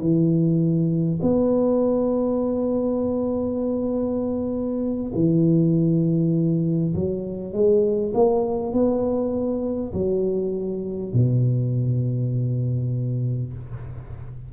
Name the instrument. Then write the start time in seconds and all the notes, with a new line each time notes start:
tuba
0.00 E3
1.22 B3
5.14 E3
6.94 F#3
7.53 G#3
8.14 A#3
8.73 B3
9.93 F#3
11.13 B2